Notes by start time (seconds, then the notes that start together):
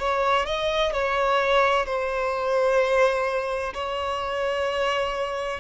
0.00 C#5
0.46 D#5
0.93 C#5
1.86 C5
3.74 C#5